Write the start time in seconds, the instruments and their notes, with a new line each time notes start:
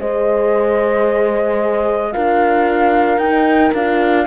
0.00 cello G#3, horn G#4 C5, flute D#5
2.13 cello D4, horn F4 A#4, flute F5
3.18 cello D#4, horn D#4, flute G5
3.74 cello D4, horn F4, flute F5